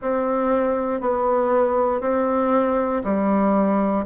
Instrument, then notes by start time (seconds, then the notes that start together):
bassoon
0.01 C4
1.00 B3
2.00 C4
3.04 G3